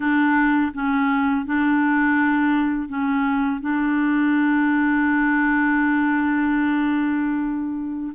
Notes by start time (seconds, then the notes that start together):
0.00 D4
0.74 C#4
1.45 D4
2.88 C#4
3.60 D4